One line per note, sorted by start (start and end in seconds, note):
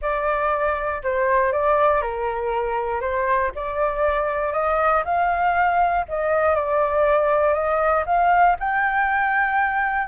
0.01 1.02 D5
1.03 1.52 C5
1.52 2.01 D5
2.01 3.00 A#4
3.00 3.51 C5
3.55 4.52 D5
4.52 5.03 D#5
5.04 6.05 F5
6.08 6.55 D#5
6.55 7.53 D5
7.53 8.04 D#5
8.06 8.56 F5
8.59 10.07 G5